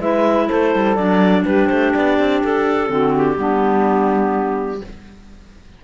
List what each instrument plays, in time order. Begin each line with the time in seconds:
0.00 cello G#3, clarinet E4 E5, saxophone B4
0.47 cello A3, saxophone A4, clarinet C5
0.75 cello G3
0.96 cello F#3, clarinet D4 D5
1.45 cello G3, saxophone G4, clarinet B4
1.68 cello A3, clarinet C5
1.94 cello B3, clarinet D5
2.19 cello C4
2.43 cello D4, clarinet A4
2.88 cello D3, clarinet C4, saxophone F#4
3.16 clarinet G4
3.36 cello G3, clarinet B3, saxophone D4